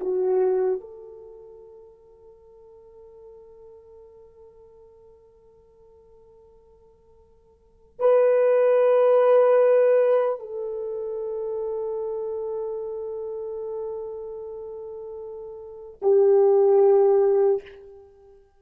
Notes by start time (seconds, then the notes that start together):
0.00 F#4
0.80 A4
7.99 B4
10.39 A4
16.02 G4